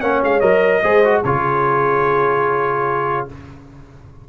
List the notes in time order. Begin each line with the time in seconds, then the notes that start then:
0.00 A#3 C#4 C#5 F#5
0.23 G#3 F5
0.40 F#3 A#4 D#5
0.82 G#3 G#4 C5
1.04 F#4
1.24 C#3 F4 G#4 C#5